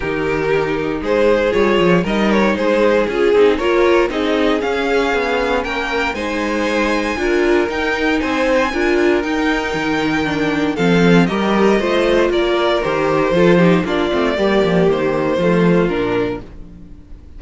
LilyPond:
<<
  \new Staff \with { instrumentName = "violin" } { \time 4/4 \tempo 4 = 117 ais'2 c''4 cis''4 | dis''8 cis''8 c''4 gis'4 cis''4 | dis''4 f''2 g''4 | gis''2. g''4 |
gis''2 g''2~ | g''4 f''4 dis''2 | d''4 c''2 d''4~ | d''4 c''2 ais'4 | }
  \new Staff \with { instrumentName = "violin" } { \time 4/4 g'2 gis'2 | ais'4 gis'2 ais'4 | gis'2. ais'4 | c''2 ais'2 |
c''4 ais'2.~ | ais'4 a'4 ais'4 c''4 | ais'2 a'8 g'8 f'4 | g'2 f'2 | }
  \new Staff \with { instrumentName = "viola" } { \time 4/4 dis'2. f'4 | dis'2 f'8 dis'8 f'4 | dis'4 cis'2. | dis'2 f'4 dis'4~ |
dis'4 f'4 dis'2 | d'4 c'4 g'4 f'4~ | f'4 g'4 f'8 dis'8 d'8 c'8 | ais2 a4 d'4 | }
  \new Staff \with { instrumentName = "cello" } { \time 4/4 dis2 gis4 g8 f8 | g4 gis4 cis'8 c'8 ais4 | c'4 cis'4 b4 ais4 | gis2 d'4 dis'4 |
c'4 d'4 dis'4 dis4~ | dis4 f4 g4 a4 | ais4 dis4 f4 ais8 a8 | g8 f8 dis4 f4 ais,4 | }
>>